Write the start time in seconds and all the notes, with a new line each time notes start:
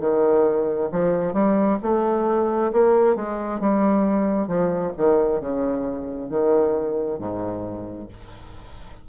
0.00 D#3
0.92 F3
1.33 G3
1.82 A3
2.72 A#3
3.15 G#3
3.60 G3
4.47 F3
4.97 D#3
5.40 C#3
6.30 D#3
7.19 G#2